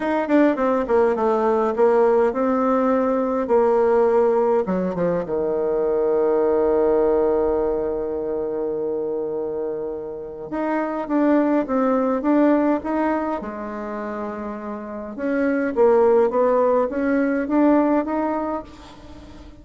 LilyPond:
\new Staff \with { instrumentName = "bassoon" } { \time 4/4 \tempo 4 = 103 dis'8 d'8 c'8 ais8 a4 ais4 | c'2 ais2 | fis8 f8 dis2.~ | dis1~ |
dis2 dis'4 d'4 | c'4 d'4 dis'4 gis4~ | gis2 cis'4 ais4 | b4 cis'4 d'4 dis'4 | }